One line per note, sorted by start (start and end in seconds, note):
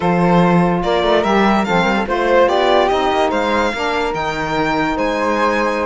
0.00 0.83 F3
0.00 1.23 F4
0.00 0.81 A4
0.00 0.82 C5
0.82 1.03 A#3
0.82 1.65 A#4
0.82 1.23 D5
1.03 1.24 A3
1.23 1.65 G3
1.23 1.64 G4
1.23 1.64 E5
1.64 1.84 F3
1.64 2.06 C4
1.64 1.82 A4
1.64 2.06 F5
1.82 2.05 G3
1.82 1.93 A#4
1.96 2.06 A4
2.06 2.47 A3
2.06 2.89 F4
2.06 2.48 C5
2.47 2.89 B3
2.47 3.30 G4
2.47 2.88 D5
2.88 3.10 C4
2.88 3.72 D#4
2.88 3.30 D#5
3.10 3.31 A#3
3.30 3.72 G#3
3.30 3.71 C5
3.30 4.13 F5
3.74 4.14 A#3
3.74 4.12 D4
3.74 4.96 A#4
4.12 4.96 D#3
4.12 5.86 D#4
4.12 4.97 G5
4.96 5.86 G#3
4.96 5.86 C5
4.96 5.86 G#5